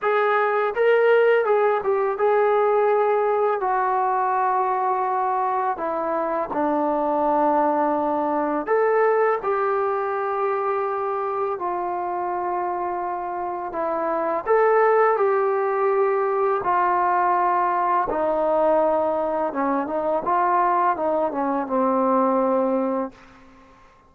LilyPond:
\new Staff \with { instrumentName = "trombone" } { \time 4/4 \tempo 4 = 83 gis'4 ais'4 gis'8 g'8 gis'4~ | gis'4 fis'2. | e'4 d'2. | a'4 g'2. |
f'2. e'4 | a'4 g'2 f'4~ | f'4 dis'2 cis'8 dis'8 | f'4 dis'8 cis'8 c'2 | }